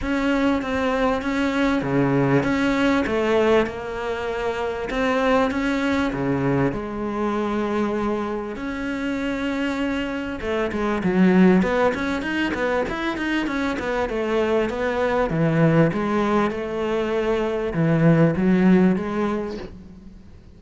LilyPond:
\new Staff \with { instrumentName = "cello" } { \time 4/4 \tempo 4 = 98 cis'4 c'4 cis'4 cis4 | cis'4 a4 ais2 | c'4 cis'4 cis4 gis4~ | gis2 cis'2~ |
cis'4 a8 gis8 fis4 b8 cis'8 | dis'8 b8 e'8 dis'8 cis'8 b8 a4 | b4 e4 gis4 a4~ | a4 e4 fis4 gis4 | }